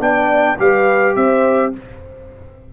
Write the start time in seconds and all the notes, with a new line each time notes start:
0.00 B3 D4 D5 G5
0.59 G3 G4 B4 F5
1.16 C4 C5 E5